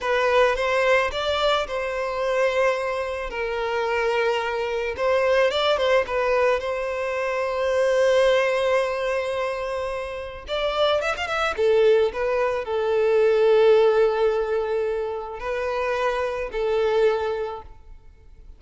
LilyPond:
\new Staff \with { instrumentName = "violin" } { \time 4/4 \tempo 4 = 109 b'4 c''4 d''4 c''4~ | c''2 ais'2~ | ais'4 c''4 d''8 c''8 b'4 | c''1~ |
c''2. d''4 | e''16 f''16 e''8 a'4 b'4 a'4~ | a'1 | b'2 a'2 | }